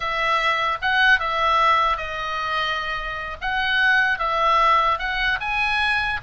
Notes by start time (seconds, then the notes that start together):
0.00 E5
0.81 F#5
1.19 E5
1.97 D#5
3.41 F#5
4.18 E5
4.99 F#5
5.40 G#5